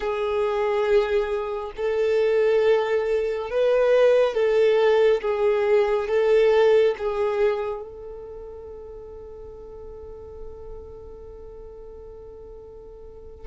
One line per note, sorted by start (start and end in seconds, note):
0.00 1.72 G#4
1.76 3.49 A4
3.49 4.34 B4
4.34 5.21 A4
5.21 6.08 G#4
6.08 6.95 A4
6.98 7.81 G#4
7.81 13.47 A4